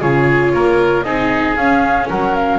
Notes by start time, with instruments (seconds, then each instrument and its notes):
0.00 double bass C#3, viola F4, oboe G#4, flute C#5
0.53 double bass A#3, oboe A#4
1.02 double bass C4, viola D#4, oboe G#4, flute D#5
1.56 double bass C#4, viola C#4, flute F5
2.08 double bass F#3, oboe A#4, flute F#5
2.35 flute F5